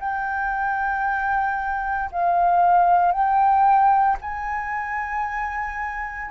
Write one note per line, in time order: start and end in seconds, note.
0.00 2.11 G5
2.12 3.12 F5
3.12 4.17 G5
4.21 6.31 G#5